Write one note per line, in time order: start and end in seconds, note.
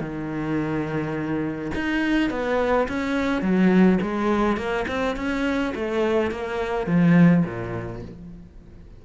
0.00 1.71 D#3
1.74 2.30 D#4
2.30 2.87 B3
2.88 3.42 C#4
3.42 3.99 F#3
4.02 4.57 G#3
4.57 4.85 A#3
4.88 5.16 C4
5.16 5.73 C#4
5.75 6.31 A3
6.31 6.86 A#3
6.86 7.43 F3
7.45 8.02 A#2